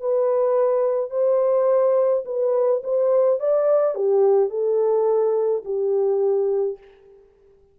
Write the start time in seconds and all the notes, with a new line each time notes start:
0.00 B4
1.10 C5
2.25 B4
2.84 C5
3.40 D5
3.95 G4
4.49 A4
5.64 G4